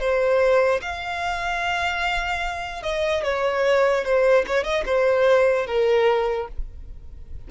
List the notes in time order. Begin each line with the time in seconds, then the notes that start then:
0.00 C5
0.82 F5
2.83 D#5
3.24 C#5
4.05 C5
4.47 C#5
4.64 D#5
4.86 C5
5.67 A#4